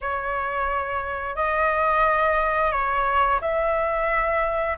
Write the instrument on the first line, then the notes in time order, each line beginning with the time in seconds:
flute
0.01 C#5
1.35 D#5
2.71 C#5
3.41 E5